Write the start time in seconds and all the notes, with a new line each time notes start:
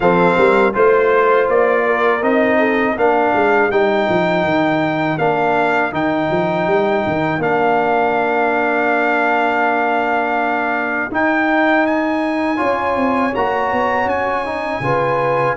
0.00 F3 C4 A4 F5
0.37 G3 A#4
0.73 A3 F4 C5
1.48 A#3 D5
1.85 A#4
2.22 C4 D#4 D#5
2.58 A4
2.95 A#3 D4 A#4 F5
3.33 G#3
3.70 G3 D#4 G5
4.09 F3
4.43 D#3
5.18 A#3 D4 F5
5.91 D#3 D#4 G5
6.30 F3
6.66 G3
7.06 D#3
7.38 A#3 D4 F5
11.10 D#4 G5
11.86 G#5
12.56 C#4 F4 C#5
12.96 C4
13.34 A#3 F#4 A#5
13.71 B3
14.05 C#4 G#5
14.45 D#4
14.80 C#3 F4 B4